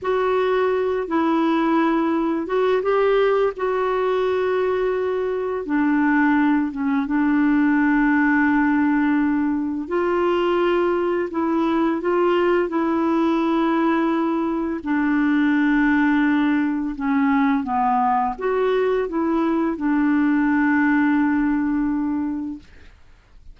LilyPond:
\new Staff \with { instrumentName = "clarinet" } { \time 4/4 \tempo 4 = 85 fis'4. e'2 fis'8 | g'4 fis'2. | d'4. cis'8 d'2~ | d'2 f'2 |
e'4 f'4 e'2~ | e'4 d'2. | cis'4 b4 fis'4 e'4 | d'1 | }